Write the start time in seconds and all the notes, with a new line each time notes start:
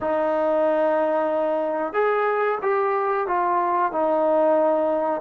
0.00 D#4
1.93 G#4
2.61 G4
3.27 F4
3.91 D#4